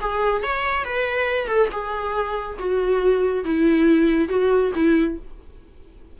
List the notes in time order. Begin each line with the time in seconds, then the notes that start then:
0.00 G#4
0.43 C#5
0.85 B4
1.47 A4
1.71 G#4
2.58 F#4
3.45 E4
4.28 F#4
4.75 E4